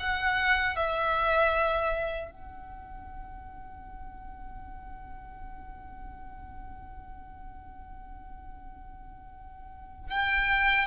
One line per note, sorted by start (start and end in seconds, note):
0.00 0.76 F#5
0.76 2.31 E5
2.31 10.11 F#5
10.11 10.87 G5